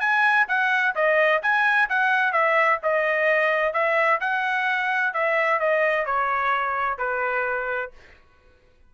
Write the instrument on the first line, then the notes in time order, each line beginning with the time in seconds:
trumpet
0.00 G#5
0.48 F#5
0.96 D#5
1.42 G#5
1.90 F#5
2.33 E5
2.83 D#5
3.73 E5
4.21 F#5
5.14 E5
5.60 D#5
6.06 C#5
6.99 B4